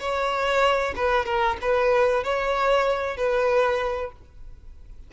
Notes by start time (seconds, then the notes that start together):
0.00 C#5
0.96 B4
1.26 A#4
1.62 B4
2.24 C#5
3.18 B4